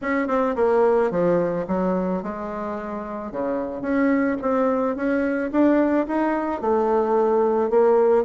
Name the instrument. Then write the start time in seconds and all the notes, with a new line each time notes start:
bassoon
0.01 C#4
0.27 C4
0.55 A#3
1.10 F3
1.67 F#3
2.22 G#3
3.31 C#3
3.81 C#4
4.41 C4
4.95 C#4
5.51 D4
6.07 D#4
6.61 A3
7.69 A#3